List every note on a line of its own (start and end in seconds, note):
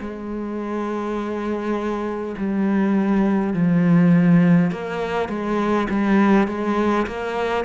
0.00 2.35 G#3
2.37 3.53 G3
3.53 4.71 F3
4.71 5.28 A#3
5.28 5.87 G#3
5.89 6.48 G3
6.48 7.06 G#3
7.07 7.65 A#3